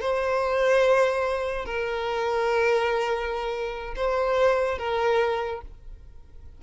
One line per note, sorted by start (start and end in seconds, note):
0.00 1.65 C5
1.65 3.94 A#4
3.96 4.78 C5
4.78 5.61 A#4